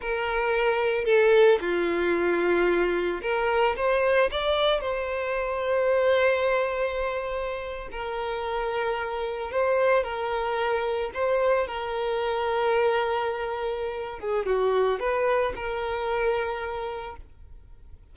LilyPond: \new Staff \with { instrumentName = "violin" } { \time 4/4 \tempo 4 = 112 ais'2 a'4 f'4~ | f'2 ais'4 c''4 | d''4 c''2.~ | c''2~ c''8. ais'4~ ais'16~ |
ais'4.~ ais'16 c''4 ais'4~ ais'16~ | ais'8. c''4 ais'2~ ais'16~ | ais'2~ ais'8 gis'8 fis'4 | b'4 ais'2. | }